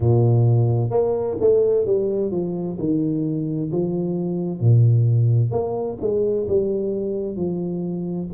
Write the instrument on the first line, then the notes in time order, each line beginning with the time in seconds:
tuba
0.00 A#2
0.90 A#3
1.40 A3
1.86 G3
2.31 F3
2.78 D#3
3.72 F3
4.60 A#2
5.51 A#3
6.00 G#3
6.47 G3
7.36 F3